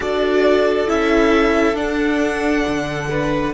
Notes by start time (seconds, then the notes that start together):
0.00 D4 F#4 A4 D5
0.87 C#4 E4 E5
1.74 D4 F#5
2.67 D3
3.10 B4